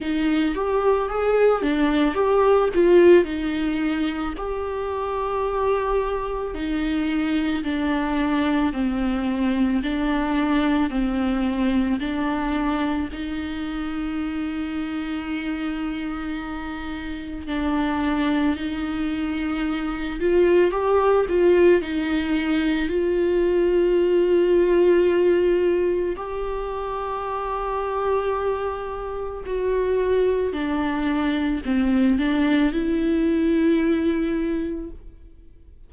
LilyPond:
\new Staff \with { instrumentName = "viola" } { \time 4/4 \tempo 4 = 55 dis'8 g'8 gis'8 d'8 g'8 f'8 dis'4 | g'2 dis'4 d'4 | c'4 d'4 c'4 d'4 | dis'1 |
d'4 dis'4. f'8 g'8 f'8 | dis'4 f'2. | g'2. fis'4 | d'4 c'8 d'8 e'2 | }